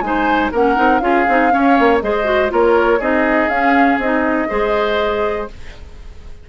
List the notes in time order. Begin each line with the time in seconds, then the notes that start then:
0.00 G#3 D#4 C5 G#5
0.51 A#3 C#4 A#4 F#5
0.75 C4 D#4
0.99 C#4 F4 G#4 F5
1.28 C4 D#4
1.50 C#4 C#5
1.79 A#3
2.01 G#3 G#4 C5 D#5
2.24 F#4
2.48 A#3 F4 A#4 C#5
2.99 C4 D#4 G#4 D#5
3.48 C#4 F5
3.97 C4 D#4 D#5
4.48 G#3 G#4 C5